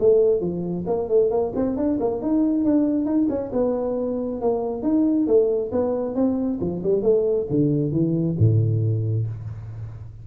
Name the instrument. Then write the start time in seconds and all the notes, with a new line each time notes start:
tuba
0.00 A3
0.41 F3
0.87 A#3
1.09 A3
1.31 A#3
1.55 C4
1.77 D4
2.00 A#3
2.22 D#4
2.65 D4
3.05 D#4
3.29 C#4
3.53 B3
4.41 A#3
4.83 D#4
5.27 A3
5.72 B3
6.15 C4
6.61 F3
6.84 G3
7.03 A3
7.50 D3
7.92 E3
8.39 A2